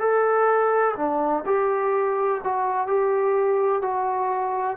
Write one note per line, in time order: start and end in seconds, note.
0.00 0.95 A4
0.97 1.44 D4
1.46 2.41 G4
2.44 2.87 F#4
2.87 3.82 G4
3.82 4.77 F#4